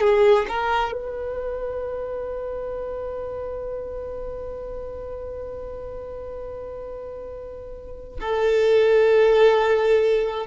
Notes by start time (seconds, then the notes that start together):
0.00 G#4
0.48 A#4
0.92 B4
8.19 A4